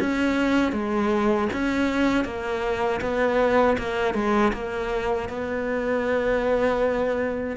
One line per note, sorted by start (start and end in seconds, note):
0.00 0.72 C#4
0.72 1.48 G#3
1.53 2.25 C#4
2.25 3.01 A#3
3.01 3.77 B3
3.79 4.14 A#3
4.14 4.52 G#3
4.53 5.29 A#3
5.29 7.57 B3